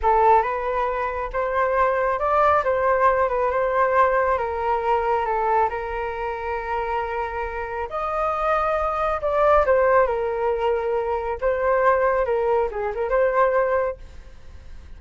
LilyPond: \new Staff \with { instrumentName = "flute" } { \time 4/4 \tempo 4 = 137 a'4 b'2 c''4~ | c''4 d''4 c''4. b'8 | c''2 ais'2 | a'4 ais'2.~ |
ais'2 dis''2~ | dis''4 d''4 c''4 ais'4~ | ais'2 c''2 | ais'4 gis'8 ais'8 c''2 | }